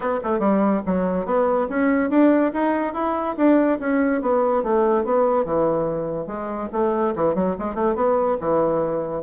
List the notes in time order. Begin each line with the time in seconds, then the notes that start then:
0.00 B3
0.23 A3
0.39 G3
0.86 F#3
1.25 B3
1.69 C#4
2.10 D4
2.53 D#4
2.93 E4
3.36 D4
3.79 C#4
4.21 B3
4.63 A3
5.04 B3
5.45 E3
6.27 G#3
6.72 A3
7.15 E3
7.34 F#3
7.58 G#3
7.75 A3
7.95 B3
8.40 E3